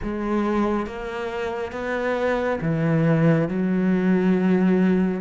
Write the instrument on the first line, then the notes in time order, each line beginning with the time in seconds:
cello
0.02 G#3
0.86 A#3
1.72 B3
2.61 E3
3.48 F#3